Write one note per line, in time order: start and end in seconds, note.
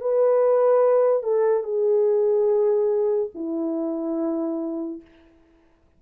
0.00 1.23 B4
1.23 1.63 A4
1.63 3.30 G#4
3.34 5.01 E4